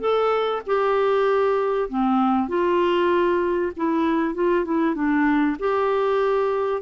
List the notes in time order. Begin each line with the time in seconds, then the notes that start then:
0.00 A4
0.66 G4
1.89 C4
2.48 F4
3.76 E4
4.34 F4
4.64 E4
4.95 D4
5.59 G4